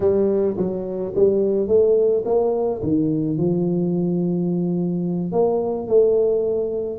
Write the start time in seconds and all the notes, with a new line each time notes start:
0.00 G3
0.57 F#3
1.15 G3
1.67 A3
2.25 A#3
2.83 D#3
3.37 F3
5.32 A#3
5.87 A3